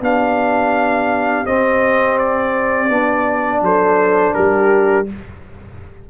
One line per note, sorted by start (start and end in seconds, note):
0.00 1.45 B3
0.00 1.45 D4
0.00 3.63 G4
0.00 1.45 F5
1.45 2.89 C4
1.45 2.18 D#5
2.18 3.62 D5
2.89 3.61 B3
2.89 5.06 D4
3.61 4.33 F#3
3.61 4.35 A4
3.61 4.33 C5
4.33 5.10 G3
4.33 5.07 G4
4.33 5.06 A#4